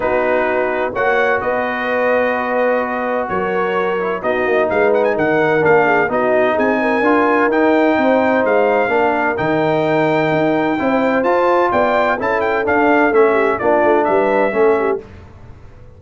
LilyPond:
<<
  \new Staff \with { instrumentName = "trumpet" } { \time 4/4 \tempo 4 = 128 b'2 fis''4 dis''4~ | dis''2. cis''4~ | cis''4 dis''4 f''8 fis''16 gis''16 fis''4 | f''4 dis''4 gis''2 |
g''2 f''2 | g''1 | a''4 g''4 a''8 g''8 f''4 | e''4 d''4 e''2 | }
  \new Staff \with { instrumentName = "horn" } { \time 4/4 fis'2 cis''4 b'4~ | b'2. ais'4~ | ais'4 fis'4 b'4 ais'4~ | ais'8 gis'8 fis'4 gis'8 ais'4.~ |
ais'4 c''2 ais'4~ | ais'2. c''4~ | c''4 d''4 a'2~ | a'8 g'8 f'4 b'4 a'8 g'8 | }
  \new Staff \with { instrumentName = "trombone" } { \time 4/4 dis'2 fis'2~ | fis'1~ | fis'8 e'8 dis'2. | d'4 dis'2 f'4 |
dis'2. d'4 | dis'2. e'4 | f'2 e'4 d'4 | cis'4 d'2 cis'4 | }
  \new Staff \with { instrumentName = "tuba" } { \time 4/4 b2 ais4 b4~ | b2. fis4~ | fis4 b8 ais8 gis4 dis4 | ais4 b4 c'4 d'4 |
dis'4 c'4 gis4 ais4 | dis2 dis'4 c'4 | f'4 b4 cis'4 d'4 | a4 ais8 a8 g4 a4 | }
>>